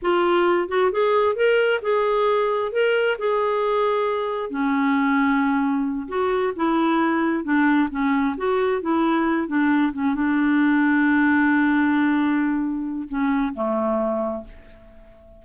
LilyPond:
\new Staff \with { instrumentName = "clarinet" } { \time 4/4 \tempo 4 = 133 f'4. fis'8 gis'4 ais'4 | gis'2 ais'4 gis'4~ | gis'2 cis'2~ | cis'4. fis'4 e'4.~ |
e'8 d'4 cis'4 fis'4 e'8~ | e'4 d'4 cis'8 d'4.~ | d'1~ | d'4 cis'4 a2 | }